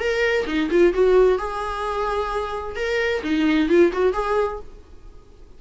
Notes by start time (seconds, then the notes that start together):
0.00 A#4
0.47 D#4
0.71 F4
0.94 F#4
1.38 G#4
2.76 A#4
3.24 D#4
3.69 F4
3.93 F#4
4.13 G#4